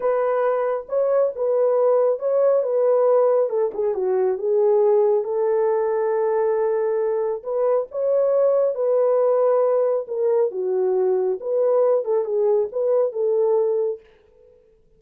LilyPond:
\new Staff \with { instrumentName = "horn" } { \time 4/4 \tempo 4 = 137 b'2 cis''4 b'4~ | b'4 cis''4 b'2 | a'8 gis'8 fis'4 gis'2 | a'1~ |
a'4 b'4 cis''2 | b'2. ais'4 | fis'2 b'4. a'8 | gis'4 b'4 a'2 | }